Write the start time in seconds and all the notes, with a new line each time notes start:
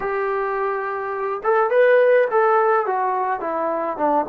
0.00 G4
1.43 A4
1.70 B4
2.31 A4
2.86 F#4
3.40 E4
3.97 D4